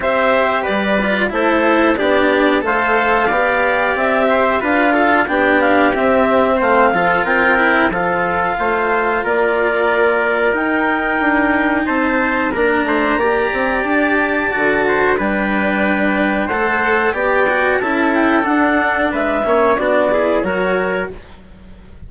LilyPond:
<<
  \new Staff \with { instrumentName = "clarinet" } { \time 4/4 \tempo 4 = 91 e''4 d''4 c''4 d''4 | f''2 e''4 f''4 | g''8 f''8 e''4 f''4 g''4 | f''2 d''2 |
g''2 a''4 ais''4~ | ais''4 a''2 g''4~ | g''4 fis''4 g''4 a''8 g''8 | fis''4 e''4 d''4 cis''4 | }
  \new Staff \with { instrumentName = "trumpet" } { \time 4/4 c''4 b'4 a'4 g'4 | c''4 d''4. c''8 b'8 a'8 | g'2 c''8 a'8 ais'4 | a'4 c''4 ais'2~ |
ais'2 c''4 ais'8 c''8 | d''2~ d''8 c''8 b'4~ | b'4 c''4 d''4 a'4~ | a'4 b'8 cis''8 fis'8 gis'8 ais'4 | }
  \new Staff \with { instrumentName = "cello" } { \time 4/4 g'4. f'8 e'4 d'4 | a'4 g'2 f'4 | d'4 c'4. f'4 e'8 | f'1 |
dis'2. d'4 | g'2 fis'4 d'4~ | d'4 a'4 g'8 fis'8 e'4 | d'4. cis'8 d'8 e'8 fis'4 | }
  \new Staff \with { instrumentName = "bassoon" } { \time 4/4 c'4 g4 a4 b4 | a4 b4 c'4 d'4 | b4 c'4 a8 f8 c'4 | f4 a4 ais2 |
dis'4 d'4 c'4 ais8 a8 | ais8 c'8 d'4 d4 g4~ | g4 a4 b4 cis'4 | d'4 gis8 ais8 b4 fis4 | }
>>